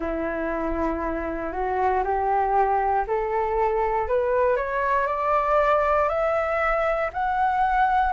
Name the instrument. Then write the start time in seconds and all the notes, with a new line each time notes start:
flute
0.00 E4
1.52 F#4
2.03 G4
3.07 A4
4.08 B4
4.56 C#5
5.07 D5
6.08 E5
7.13 F#5